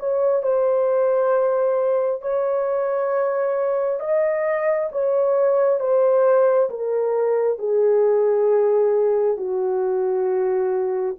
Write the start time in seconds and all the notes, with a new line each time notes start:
0.00 C#5
0.43 C5
2.22 C#5
4.00 D#5
4.92 C#5
5.80 C5
6.70 A#4
7.59 G#4
9.37 F#4